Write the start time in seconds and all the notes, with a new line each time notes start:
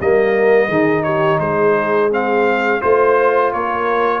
0.00 G3 A#3 A#4 D#5
0.67 D#3 D#4 G#4
1.03 G4 C#5
1.39 G#3 G#4 C5
2.10 C4 F5
2.80 A3 F4 C5
3.52 A#3 A#4 C#5